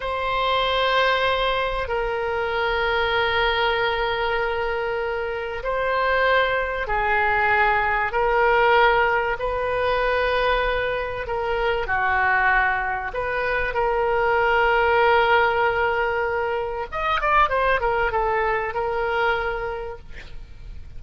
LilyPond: \new Staff \with { instrumentName = "oboe" } { \time 4/4 \tempo 4 = 96 c''2. ais'4~ | ais'1~ | ais'4 c''2 gis'4~ | gis'4 ais'2 b'4~ |
b'2 ais'4 fis'4~ | fis'4 b'4 ais'2~ | ais'2. dis''8 d''8 | c''8 ais'8 a'4 ais'2 | }